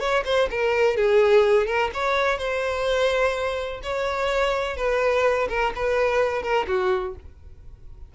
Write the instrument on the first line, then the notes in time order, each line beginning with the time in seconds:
violin
0.00 C#5
0.25 C5
0.51 A#4
0.97 G#4
1.67 A#4
1.94 C#5
2.38 C5
3.83 C#5
4.77 B4
5.49 A#4
5.75 B4
6.43 A#4
6.68 F#4